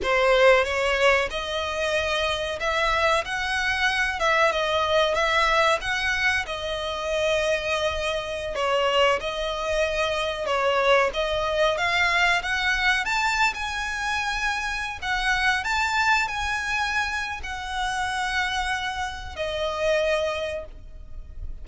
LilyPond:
\new Staff \with { instrumentName = "violin" } { \time 4/4 \tempo 4 = 93 c''4 cis''4 dis''2 | e''4 fis''4. e''8 dis''4 | e''4 fis''4 dis''2~ | dis''4~ dis''16 cis''4 dis''4.~ dis''16~ |
dis''16 cis''4 dis''4 f''4 fis''8.~ | fis''16 a''8. gis''2~ gis''16 fis''8.~ | fis''16 a''4 gis''4.~ gis''16 fis''4~ | fis''2 dis''2 | }